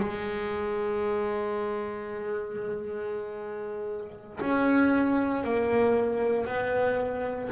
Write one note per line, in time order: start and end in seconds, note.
0.00 4.40 G#3
4.41 5.44 C#4
5.44 6.47 A#3
6.47 7.50 B3